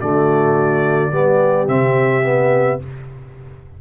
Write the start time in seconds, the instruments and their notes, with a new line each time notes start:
0.00 tuba D3, trombone A3, horn F#4, trumpet D5
1.12 tuba G3, trombone B3, horn G4
1.68 tuba C3, trombone C4, trumpet E5
2.23 trombone B3